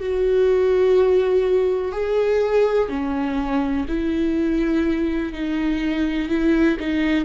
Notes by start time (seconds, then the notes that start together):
0.00 F#4
1.92 G#4
2.89 C#4
3.88 E4
5.33 D#4
6.29 E4
6.80 D#4